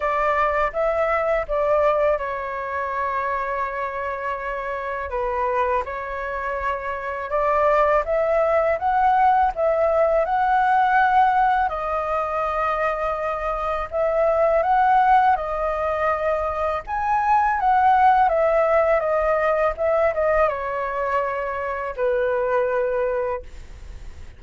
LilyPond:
\new Staff \with { instrumentName = "flute" } { \time 4/4 \tempo 4 = 82 d''4 e''4 d''4 cis''4~ | cis''2. b'4 | cis''2 d''4 e''4 | fis''4 e''4 fis''2 |
dis''2. e''4 | fis''4 dis''2 gis''4 | fis''4 e''4 dis''4 e''8 dis''8 | cis''2 b'2 | }